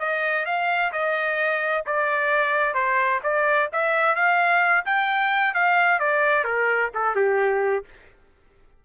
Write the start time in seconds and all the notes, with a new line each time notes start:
0.00 D#5
0.46 F5
0.93 D#5
1.87 D5
2.75 C5
3.24 D5
3.73 E5
4.16 F5
4.86 G5
5.55 F5
6.00 D5
6.45 A#4
6.95 A4
7.16 G4